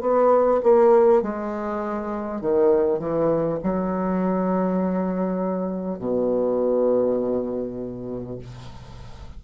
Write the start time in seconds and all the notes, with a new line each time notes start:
0.00 B3
0.63 A#3
1.22 G#3
2.41 D#3
2.98 E3
3.63 F#3
5.98 B2